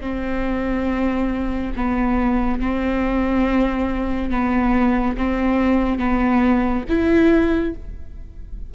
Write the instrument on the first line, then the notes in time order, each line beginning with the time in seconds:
viola
0.00 C4
1.76 B3
2.60 C4
4.30 B3
5.17 C4
5.98 B3
6.88 E4